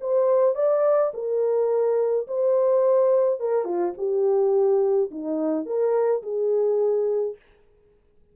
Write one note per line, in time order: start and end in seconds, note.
0.00 0.55 C5
0.55 1.11 D5
1.13 2.27 A#4
2.27 3.40 C5
3.40 3.64 A#4
3.64 3.93 F4
3.97 5.10 G4
5.10 5.65 D#4
5.65 6.22 A#4
6.22 7.36 G#4